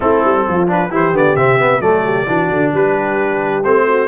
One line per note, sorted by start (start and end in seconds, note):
0.00 0.24 A3
0.00 0.67 C4
0.00 0.46 E4
0.00 0.68 A4
0.24 0.46 G3
0.48 0.90 F3
0.48 0.90 F4
0.67 0.89 D4
0.67 0.94 B4
0.90 1.12 E3
0.90 1.13 E4
0.90 1.81 G4
0.90 1.16 C5
1.12 1.35 D3
1.12 1.36 B3
1.12 1.36 D5
1.36 1.80 C3
1.36 1.58 C4
1.36 1.81 E5
1.58 1.81 B3
1.80 2.25 F#3
1.80 2.26 A3
1.80 2.03 A4
1.80 2.72 D5
2.04 2.27 G4
2.26 2.49 E3
2.26 3.63 D4
2.26 2.73 F#4
2.49 2.72 D3
2.73 3.64 G3
2.73 3.86 G4
2.73 3.63 B4
3.63 4.08 A3
3.63 4.08 C4
3.63 4.08 C5
3.86 4.08 F#4